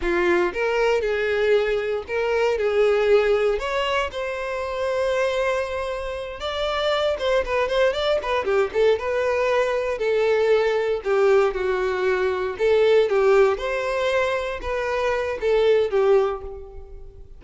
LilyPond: \new Staff \with { instrumentName = "violin" } { \time 4/4 \tempo 4 = 117 f'4 ais'4 gis'2 | ais'4 gis'2 cis''4 | c''1~ | c''8 d''4. c''8 b'8 c''8 d''8 |
b'8 g'8 a'8 b'2 a'8~ | a'4. g'4 fis'4.~ | fis'8 a'4 g'4 c''4.~ | c''8 b'4. a'4 g'4 | }